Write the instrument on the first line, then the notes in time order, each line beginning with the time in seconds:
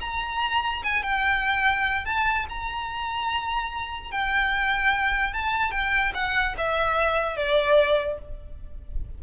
violin
0.00 A#5
0.83 G#5
1.03 G5
2.05 A5
2.49 A#5
4.11 G5
5.33 A5
5.71 G5
6.14 F#5
6.57 E5
7.36 D5